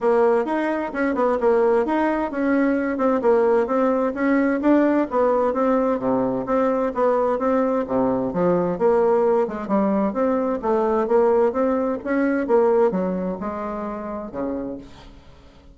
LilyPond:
\new Staff \with { instrumentName = "bassoon" } { \time 4/4 \tempo 4 = 130 ais4 dis'4 cis'8 b8 ais4 | dis'4 cis'4. c'8 ais4 | c'4 cis'4 d'4 b4 | c'4 c4 c'4 b4 |
c'4 c4 f4 ais4~ | ais8 gis8 g4 c'4 a4 | ais4 c'4 cis'4 ais4 | fis4 gis2 cis4 | }